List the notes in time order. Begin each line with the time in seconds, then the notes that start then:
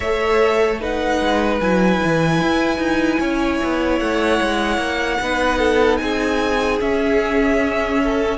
0.00 A3 A4 C#5 E5
0.80 D#4 B4 F#5
1.20 G#3
1.60 F#3 E4 G#5
2.04 E3
2.41 E4
2.78 D#4
3.19 C#4 C#5
3.63 B3
3.99 A3 F#5
4.41 G#3
4.77 A#3
5.21 B3 D#4 B4
5.58 A4
5.97 C4 G#4 G#5
6.80 C#4 E5
8.03 A4